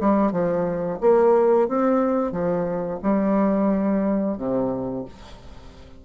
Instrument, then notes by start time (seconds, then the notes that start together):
bassoon
0.00 G3
0.32 F3
1.01 A#3
1.68 C4
2.32 F3
3.02 G3
4.38 C3